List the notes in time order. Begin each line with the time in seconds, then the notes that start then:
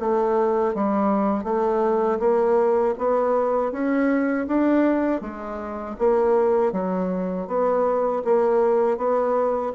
0.00 A3
0.75 G3
1.44 A3
2.20 A#3
2.98 B3
3.72 C#4
4.48 D4
5.21 G#3
5.99 A#3
6.73 F#3
7.48 B3
8.25 A#3
8.98 B3